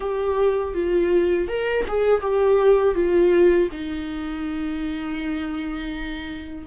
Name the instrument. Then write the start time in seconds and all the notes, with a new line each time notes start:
viola
0.00 G4
0.74 F4
1.47 A#4
1.88 G#4
2.21 G4
2.95 F4
3.71 D#4